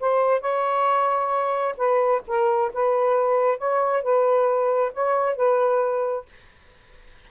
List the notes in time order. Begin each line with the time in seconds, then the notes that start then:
0.00 C5
0.41 C#5
1.77 B4
2.27 A#4
2.74 B4
3.58 C#5
4.03 B4
4.93 C#5
5.36 B4